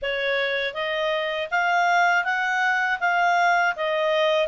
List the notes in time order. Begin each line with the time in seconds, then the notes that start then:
0.02 C#5
0.74 D#5
1.50 F5
2.24 F#5
3.00 F5
3.76 D#5